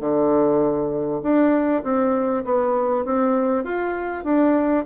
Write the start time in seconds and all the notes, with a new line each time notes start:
0.00 D3
1.22 D4
1.83 C4
2.44 B3
3.05 C4
3.64 F4
4.24 D4